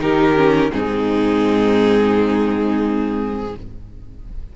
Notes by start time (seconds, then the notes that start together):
0.00 D#3 D#4 G4 A#4
0.36 C#4
0.71 G#2 C4 D#4 G#4